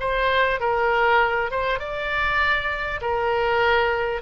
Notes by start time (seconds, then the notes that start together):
0.00 C5
0.60 A#4
1.51 C5
1.79 D5
3.01 A#4